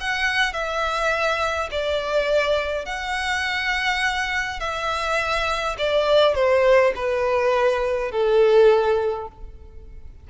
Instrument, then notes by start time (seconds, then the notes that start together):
violin
0.00 F#5
0.53 E5
1.71 D5
2.85 F#5
4.60 E5
5.78 D5
6.35 C5
6.96 B4
8.11 A4